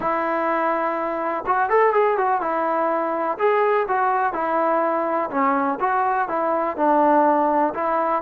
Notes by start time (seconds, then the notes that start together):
0.00 E4
1.46 F#4
1.69 A4
1.93 G#4
2.17 F#4
2.41 E4
3.38 G#4
3.88 F#4
4.33 E4
5.30 C#4
5.80 F#4
6.28 E4
6.76 D4
7.74 E4